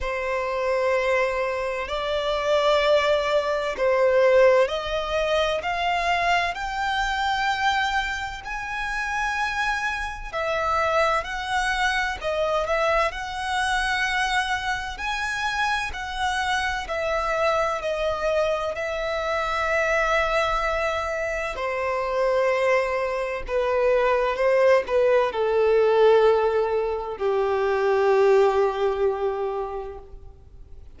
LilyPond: \new Staff \with { instrumentName = "violin" } { \time 4/4 \tempo 4 = 64 c''2 d''2 | c''4 dis''4 f''4 g''4~ | g''4 gis''2 e''4 | fis''4 dis''8 e''8 fis''2 |
gis''4 fis''4 e''4 dis''4 | e''2. c''4~ | c''4 b'4 c''8 b'8 a'4~ | a'4 g'2. | }